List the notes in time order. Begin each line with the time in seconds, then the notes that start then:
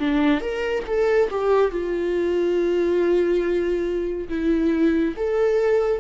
0.00 D4
0.41 A#4
0.87 A4
1.31 G4
1.72 F4
4.29 E4
5.17 A4